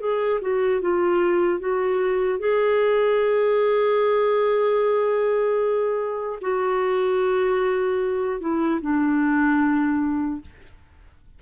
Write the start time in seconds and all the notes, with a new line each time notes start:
0.00 G#4
0.41 F#4
0.81 F4
1.60 F#4
2.39 G#4
6.41 F#4
8.40 E4
8.81 D4